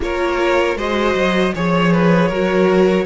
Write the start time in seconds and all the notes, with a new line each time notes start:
0.00 A#3 F4 A#4 C#5
0.75 G#3 F#4 C5 D#5
1.14 F#3
1.54 F3 G#4 C#5
1.92 B4
2.28 F#3 F#4 A#4